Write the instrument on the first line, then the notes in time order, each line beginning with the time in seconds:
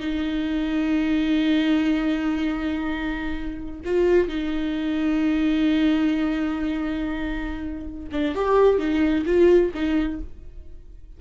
viola
0.00 D#4
3.85 F4
4.28 D#4
8.12 D4
8.35 G4
8.79 D#4
9.26 F4
9.75 D#4